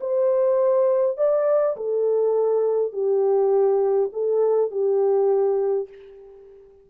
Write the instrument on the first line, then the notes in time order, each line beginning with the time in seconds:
horn
0.00 C5
1.17 D5
1.76 A4
2.92 G4
4.12 A4
4.71 G4